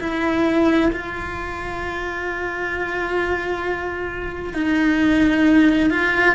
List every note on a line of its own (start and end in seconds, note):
0.00 0.91 E4
0.92 4.54 F4
4.54 5.90 D#4
5.90 6.35 F4